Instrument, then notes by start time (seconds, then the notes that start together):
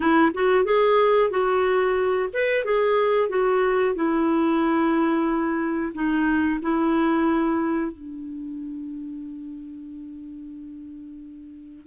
clarinet
0.00 E4
0.34 F#4
0.64 G#4
1.30 F#4
2.33 B4
2.64 G#4
3.29 F#4
3.95 E4
5.94 D#4
6.61 E4
7.92 D4